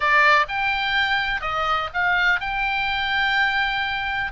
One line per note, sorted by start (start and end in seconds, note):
0.00 0.46 D5
0.48 1.41 G5
1.41 1.89 D#5
1.93 2.40 F5
2.40 4.32 G5